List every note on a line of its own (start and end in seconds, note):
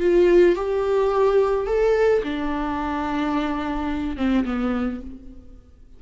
0.00 0.56 F4
0.56 1.67 G4
1.67 2.22 A4
2.23 4.17 D4
4.17 4.45 C4
4.45 5.01 B3